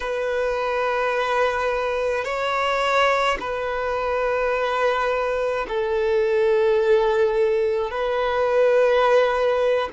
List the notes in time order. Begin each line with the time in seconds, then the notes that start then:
0.00 B4
2.24 C#5
3.40 B4
5.68 A4
7.90 B4